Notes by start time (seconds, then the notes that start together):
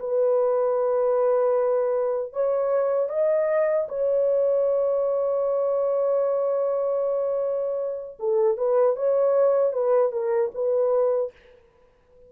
0.00 B4
2.33 C#5
3.10 D#5
3.89 C#5
8.20 A4
8.57 B4
8.96 C#5
9.73 B4
10.12 A#4
10.54 B4